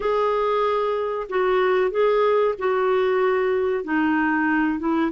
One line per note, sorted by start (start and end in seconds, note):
0.00 1.27 G#4
1.29 1.90 F#4
1.90 2.54 G#4
2.58 3.84 F#4
3.84 4.79 D#4
4.79 5.11 E4